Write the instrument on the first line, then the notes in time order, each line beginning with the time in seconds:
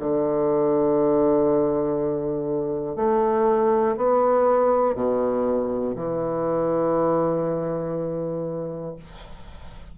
bassoon
0.00 D3
2.97 A3
3.97 B3
4.95 B2
5.96 E3